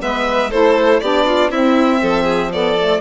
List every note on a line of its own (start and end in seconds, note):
0.00 0.53 G#3
0.00 0.50 B3
0.00 0.51 B4
0.00 0.51 E5
0.51 1.02 A3
0.51 1.02 E4
0.51 1.01 A4
0.51 1.00 C5
1.00 1.50 B3
1.00 1.53 D4
1.00 1.27 G4
1.00 1.50 D5
1.27 1.51 F4
1.50 2.00 C4
1.50 2.53 C4
1.50 2.02 E4
1.50 2.52 E5
2.02 3.01 F3
2.02 2.24 A4
2.24 2.49 G#4
2.52 2.78 B3
2.52 3.01 A4
2.52 3.01 D5
2.79 3.01 A3